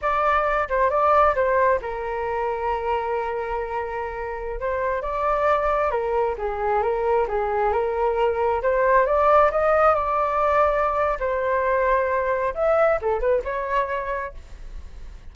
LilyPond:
\new Staff \with { instrumentName = "flute" } { \time 4/4 \tempo 4 = 134 d''4. c''8 d''4 c''4 | ais'1~ | ais'2~ ais'16 c''4 d''8.~ | d''4~ d''16 ais'4 gis'4 ais'8.~ |
ais'16 gis'4 ais'2 c''8.~ | c''16 d''4 dis''4 d''4.~ d''16~ | d''4 c''2. | e''4 a'8 b'8 cis''2 | }